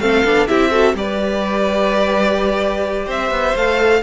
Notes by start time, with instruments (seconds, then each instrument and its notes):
0.00 cello A3, viola C4, violin A4 F5
0.25 cello B3, viola D4
0.48 cello C4, viola E4, violin G4 E5
0.71 viola F#4, violin A4
0.95 cello G3, viola G4, violin B4 D5
3.06 cello C4, violin C5 E5
3.31 cello B3
3.55 cello A3, viola A4, violin F5